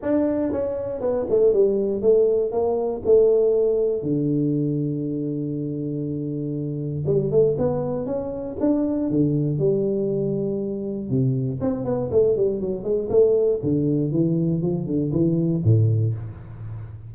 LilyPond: \new Staff \with { instrumentName = "tuba" } { \time 4/4 \tempo 4 = 119 d'4 cis'4 b8 a8 g4 | a4 ais4 a2 | d1~ | d2 g8 a8 b4 |
cis'4 d'4 d4 g4~ | g2 c4 c'8 b8 | a8 g8 fis8 gis8 a4 d4 | e4 f8 d8 e4 a,4 | }